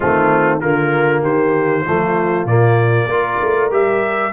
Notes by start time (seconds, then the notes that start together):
0.00 D#3 A3 C4 F4
0.60 D3 A#3 F4 A#4
1.21 D#3 G4 C5
1.85 F3 A3 F4
2.45 A#2 A#3 D5
3.07 A#3 F4 A#4
3.41 A3
3.70 G3 G4 E5